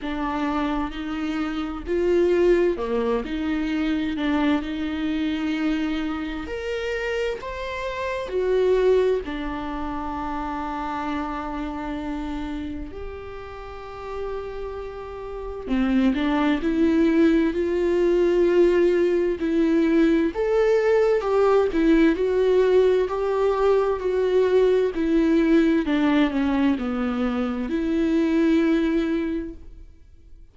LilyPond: \new Staff \with { instrumentName = "viola" } { \time 4/4 \tempo 4 = 65 d'4 dis'4 f'4 ais8 dis'8~ | dis'8 d'8 dis'2 ais'4 | c''4 fis'4 d'2~ | d'2 g'2~ |
g'4 c'8 d'8 e'4 f'4~ | f'4 e'4 a'4 g'8 e'8 | fis'4 g'4 fis'4 e'4 | d'8 cis'8 b4 e'2 | }